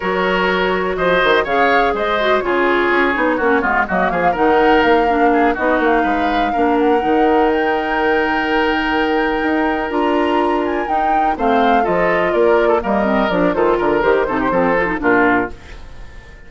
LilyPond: <<
  \new Staff \with { instrumentName = "flute" } { \time 4/4 \tempo 4 = 124 cis''2 dis''4 f''4 | dis''4 cis''2. | dis''8 f''8 fis''4 f''4. dis''8 | f''2 fis''4. g''8~ |
g''1~ | g''8 ais''4. gis''8 g''4 f''8~ | f''8 dis''4 d''4 dis''4 d''8 | c''8 ais'8 c''2 ais'4 | }
  \new Staff \with { instrumentName = "oboe" } { \time 4/4 ais'2 c''4 cis''4 | c''4 gis'2 fis'8 f'8 | fis'8 gis'8 ais'2 gis'8 fis'8~ | fis'8 b'4 ais'2~ ais'8~ |
ais'1~ | ais'2.~ ais'8 c''8~ | c''8 a'4 ais'8. a'16 ais'4. | a'8 ais'4 a'16 g'16 a'4 f'4 | }
  \new Staff \with { instrumentName = "clarinet" } { \time 4/4 fis'2. gis'4~ | gis'8 fis'8 f'4. dis'8 cis'8 b8 | ais4 dis'4. d'4 dis'8~ | dis'4. d'4 dis'4.~ |
dis'1~ | dis'8 f'2 dis'4 c'8~ | c'8 f'2 ais8 c'8 d'8 | f'4 g'8 dis'8 c'8 f'16 dis'16 d'4 | }
  \new Staff \with { instrumentName = "bassoon" } { \time 4/4 fis2 f8 dis8 cis4 | gis4 cis4 cis'8 b8 ais8 gis8 | fis8 f8 dis4 ais4. b8 | ais8 gis4 ais4 dis4.~ |
dis2.~ dis8 dis'8~ | dis'8 d'2 dis'4 a8~ | a8 f4 ais4 g4 f8 | dis8 d8 dis8 c8 f4 ais,4 | }
>>